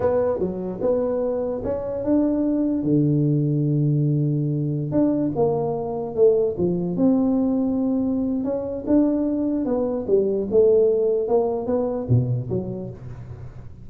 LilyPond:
\new Staff \with { instrumentName = "tuba" } { \time 4/4 \tempo 4 = 149 b4 fis4 b2 | cis'4 d'2 d4~ | d1~ | d16 d'4 ais2 a8.~ |
a16 f4 c'2~ c'8.~ | c'4 cis'4 d'2 | b4 g4 a2 | ais4 b4 b,4 fis4 | }